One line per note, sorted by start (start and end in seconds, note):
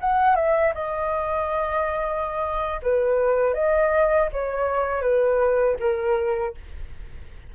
0.00 0.35 F#5
0.35 0.73 E5
0.74 2.81 D#5
2.82 3.54 B4
3.54 4.29 D#5
4.32 5.01 C#5
5.01 5.76 B4
5.79 6.54 A#4